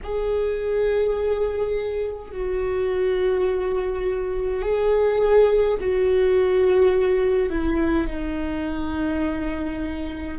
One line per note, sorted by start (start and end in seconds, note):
0.03 2.31 G#4
2.31 4.62 F#4
4.62 5.77 G#4
5.80 7.49 F#4
7.49 8.07 E4
8.07 10.37 D#4